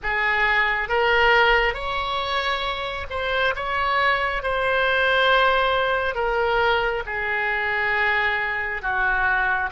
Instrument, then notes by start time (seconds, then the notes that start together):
oboe
0.02 G#4
0.88 A#4
1.74 C#5
3.10 C5
3.55 C#5
4.42 C5
6.14 A#4
7.06 G#4
8.82 F#4